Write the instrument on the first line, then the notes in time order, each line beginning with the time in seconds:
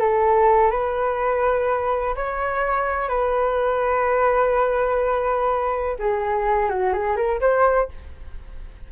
flute
0.00 A4
0.71 B4
2.16 C#5
3.09 B4
5.99 G#4
6.70 F#4
6.93 G#4
7.16 A#4
7.41 C5